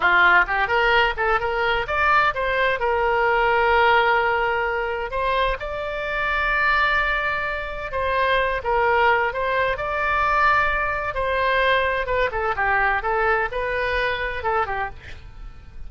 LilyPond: \new Staff \with { instrumentName = "oboe" } { \time 4/4 \tempo 4 = 129 f'4 g'8 ais'4 a'8 ais'4 | d''4 c''4 ais'2~ | ais'2. c''4 | d''1~ |
d''4 c''4. ais'4. | c''4 d''2. | c''2 b'8 a'8 g'4 | a'4 b'2 a'8 g'8 | }